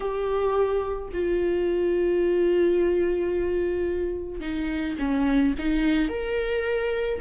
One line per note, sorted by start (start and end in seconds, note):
0.00 1.09 G4
1.13 4.40 F4
4.40 4.95 D#4
4.98 5.54 C#4
5.58 6.08 D#4
6.08 7.19 A#4